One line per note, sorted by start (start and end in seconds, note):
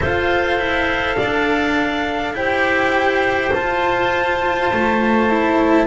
0.00 0.58 F4
0.00 2.36 A4
0.00 1.16 C5
0.00 2.34 F5
0.58 1.16 E4
1.16 2.33 D4
1.16 2.34 D5
2.33 3.50 E4
2.33 3.53 G4
2.33 5.87 C5
2.33 3.52 G5
3.53 4.71 F4
3.53 5.29 F4
3.53 5.87 A5
4.73 5.87 A3
5.29 5.87 E4